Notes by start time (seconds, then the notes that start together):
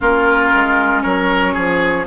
0.00 A#3 C#4 F4 A#4
0.54 G#3
1.02 F#3 A#4 C#5
1.53 F3 G#4